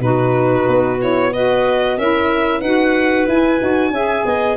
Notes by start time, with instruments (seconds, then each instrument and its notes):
0.00 tuba B2, saxophone D#4, clarinet F#4, violin B4
0.69 tuba B3
1.00 saxophone E4, violin C#5
1.33 saxophone F#4, clarinet B4, violin D#5
1.98 tuba C#4, saxophone E4, clarinet A#4, violin E5
2.61 tuba D#4, saxophone F#4, clarinet B4, violin F#5
3.28 tuba E4, saxophone E4, violin G#5
3.60 tuba D#4, saxophone F#4
3.91 tuba C#4, saxophone G#4, clarinet E5
4.26 tuba B3, clarinet D#5